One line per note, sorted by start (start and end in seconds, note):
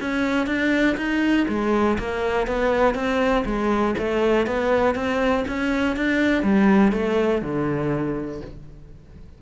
0.00 0.47 C#4
0.47 0.96 D4
0.97 1.47 D#4
1.48 1.98 G#3
1.99 2.47 A#3
2.47 2.95 B3
2.95 3.44 C4
3.45 3.95 G#3
3.98 4.47 A3
4.47 4.95 B3
4.95 5.45 C4
5.47 5.96 C#4
5.96 6.43 D4
6.43 6.92 G3
6.92 7.42 A3
7.42 8.41 D3